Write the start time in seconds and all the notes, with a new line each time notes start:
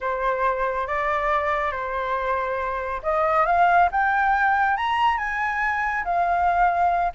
0.00 C5
0.87 D5
1.71 C5
3.02 D#5
3.46 F5
3.91 G5
4.76 A#5
5.17 G#5
6.04 F5